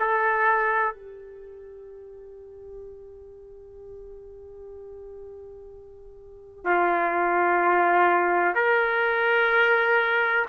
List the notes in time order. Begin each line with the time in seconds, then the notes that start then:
0.00 A4
0.95 G4
6.65 F4
8.55 A#4